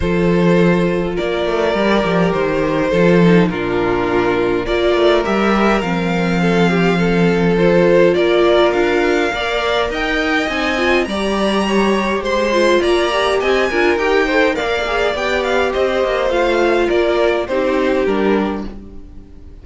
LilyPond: <<
  \new Staff \with { instrumentName = "violin" } { \time 4/4 \tempo 4 = 103 c''2 d''2 | c''2 ais'2 | d''4 e''4 f''2~ | f''4 c''4 d''4 f''4~ |
f''4 g''4 gis''4 ais''4~ | ais''4 c'''4 ais''4 gis''4 | g''4 f''4 g''8 f''8 dis''4 | f''4 d''4 c''4 ais'4 | }
  \new Staff \with { instrumentName = "violin" } { \time 4/4 a'2 ais'2~ | ais'4 a'4 f'2 | ais'2. a'8 g'8 | a'2 ais'2 |
d''4 dis''2 d''4 | cis''4 c''4 d''4 dis''8 ais'8~ | ais'8 c''8 d''2 c''4~ | c''4 ais'4 g'2 | }
  \new Staff \with { instrumentName = "viola" } { \time 4/4 f'2. g'4~ | g'4 f'8 dis'8 d'2 | f'4 g'4 c'2~ | c'4 f'2. |
ais'2 dis'8 f'8 g'4~ | g'4. f'4 g'4 f'8 | g'8 a'8 ais'8 gis'8 g'2 | f'2 dis'4 d'4 | }
  \new Staff \with { instrumentName = "cello" } { \time 4/4 f2 ais8 a8 g8 f8 | dis4 f4 ais,2 | ais8 a8 g4 f2~ | f2 ais4 d'4 |
ais4 dis'4 c'4 g4~ | g4 gis4 ais4 c'8 d'8 | dis'4 ais4 b4 c'8 ais8 | a4 ais4 c'4 g4 | }
>>